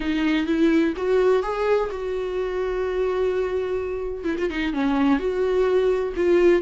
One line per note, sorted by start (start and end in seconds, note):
0.00 0.46 D#4
0.46 0.93 E4
0.96 1.42 F#4
1.42 1.89 G#4
1.91 4.24 F#4
4.24 4.36 E4
4.38 4.49 F4
4.50 4.73 D#4
4.73 5.19 C#4
5.19 6.13 F#4
6.16 6.62 F4